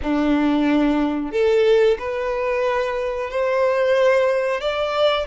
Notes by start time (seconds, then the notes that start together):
0.02 D4
1.31 A4
1.98 B4
3.30 C5
4.60 D5